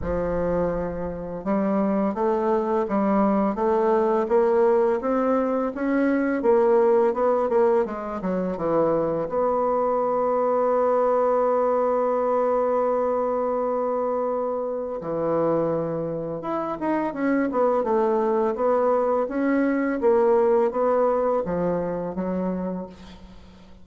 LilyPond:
\new Staff \with { instrumentName = "bassoon" } { \time 4/4 \tempo 4 = 84 f2 g4 a4 | g4 a4 ais4 c'4 | cis'4 ais4 b8 ais8 gis8 fis8 | e4 b2.~ |
b1~ | b4 e2 e'8 dis'8 | cis'8 b8 a4 b4 cis'4 | ais4 b4 f4 fis4 | }